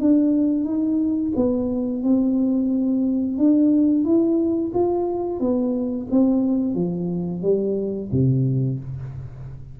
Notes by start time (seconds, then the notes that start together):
0.00 D4
0.65 D#4
1.36 B3
2.03 C4
3.38 D4
4.04 E4
4.74 F4
5.40 B3
6.10 C4
6.75 F3
7.42 G3
8.12 C3